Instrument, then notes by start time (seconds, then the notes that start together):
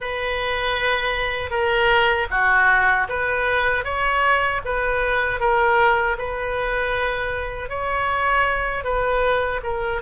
oboe
0.00 B4
1.50 A#4
2.30 F#4
3.08 B4
3.84 C#5
4.64 B4
5.40 A#4
6.17 B4
7.69 C#5
8.84 B4
9.63 A#4